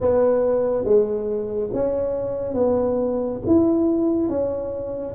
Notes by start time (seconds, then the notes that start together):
0.00 B3
0.84 G#3
1.73 C#4
2.54 B3
3.46 E4
4.29 C#4